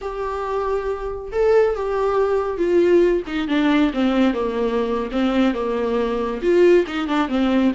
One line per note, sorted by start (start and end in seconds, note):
0.01 1.31 G4
1.32 1.75 A4
1.75 2.57 G4
2.57 3.23 F4
3.26 3.48 D#4
3.48 3.91 D4
3.93 4.33 C4
4.33 5.09 A#3
5.11 5.54 C4
5.54 6.41 A#3
6.42 6.85 F4
6.87 7.07 D#4
7.07 7.28 D4
7.28 7.72 C4